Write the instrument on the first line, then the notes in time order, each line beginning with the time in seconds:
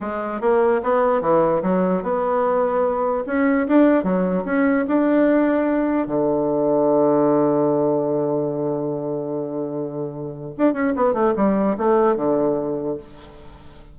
bassoon
0.00 G#3
0.41 A#3
0.83 B3
1.21 E3
1.62 F#3
2.02 B3
3.26 C#4
3.67 D4
4.03 F#3
4.45 C#4
4.87 D4
6.07 D3
10.57 D4
10.73 C#4
10.96 B3
11.13 A3
11.36 G3
11.77 A3
12.16 D3